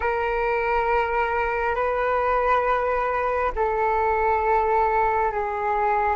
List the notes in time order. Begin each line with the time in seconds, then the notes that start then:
0.00 A#4
1.74 B4
3.55 A4
5.31 G#4